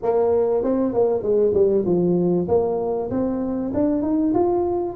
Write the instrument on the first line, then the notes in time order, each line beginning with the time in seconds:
tuba
0.02 A#3
0.63 C4
0.93 A#3
1.22 G#3
1.54 G3
1.85 F3
2.48 A#3
3.10 C4
3.74 D4
4.02 D#4
4.34 F4